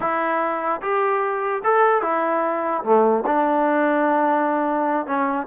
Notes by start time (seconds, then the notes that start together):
0.00 E4
0.81 G4
1.64 A4
2.02 E4
2.83 A3
3.26 D4
5.06 C#4